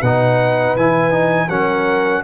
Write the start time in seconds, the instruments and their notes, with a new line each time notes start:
0.00 tuba B2, trombone D#4, horn B4, trumpet F#5
0.76 tuba E3, trombone E4, trumpet G#5
1.11 trombone D#4
1.49 tuba F#3, trombone C#4, horn A#4, trumpet F#5